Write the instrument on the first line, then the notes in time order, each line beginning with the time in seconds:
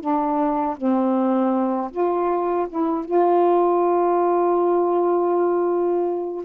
saxophone
0.00 D4
0.77 C4
1.91 F4
2.69 E4
3.05 F4